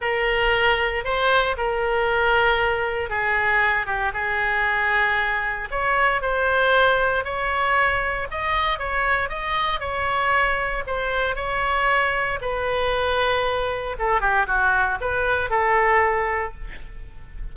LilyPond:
\new Staff \with { instrumentName = "oboe" } { \time 4/4 \tempo 4 = 116 ais'2 c''4 ais'4~ | ais'2 gis'4. g'8 | gis'2. cis''4 | c''2 cis''2 |
dis''4 cis''4 dis''4 cis''4~ | cis''4 c''4 cis''2 | b'2. a'8 g'8 | fis'4 b'4 a'2 | }